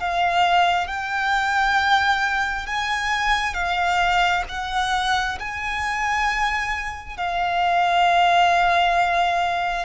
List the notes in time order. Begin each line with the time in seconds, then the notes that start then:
0.00 F5
0.88 G5
2.67 G#5
3.55 F5
4.49 F#5
5.39 G#5
7.18 F5